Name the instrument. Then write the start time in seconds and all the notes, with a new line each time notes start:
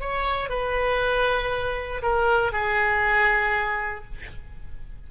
oboe
0.00 C#5
0.49 B4
2.02 A#4
2.52 G#4